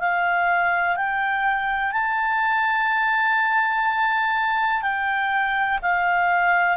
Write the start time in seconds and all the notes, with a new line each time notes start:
0.00 F5
0.96 G5
1.92 A5
4.83 G5
5.82 F5